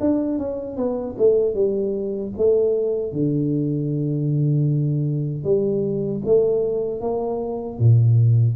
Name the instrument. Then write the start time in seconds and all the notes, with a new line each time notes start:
tuba
0.00 D4
0.39 C#4
0.77 B3
1.18 A3
1.55 G3
2.37 A3
3.13 D3
5.44 G3
6.26 A3
7.01 A#3
7.79 A#2